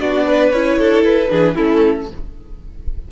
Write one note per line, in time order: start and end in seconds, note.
0.00 0.52 B3
0.00 0.52 D4
0.00 0.26 F#4
0.00 0.51 D5
0.26 0.78 B4
0.51 0.78 C#4
0.51 1.29 E4
0.51 1.03 C#5
0.78 1.03 D4
0.78 1.30 A4
1.03 1.29 E4
1.03 1.56 B4
1.29 1.57 E3
1.29 1.55 D4
1.29 1.55 G#4
1.55 2.11 A3
1.55 2.08 C#4
1.55 2.07 E4
1.55 2.08 A4